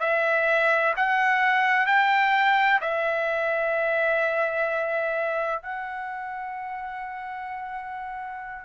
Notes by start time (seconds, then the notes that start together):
0.00 E5
0.96 F#5
1.86 G5
2.81 E5
5.62 F#5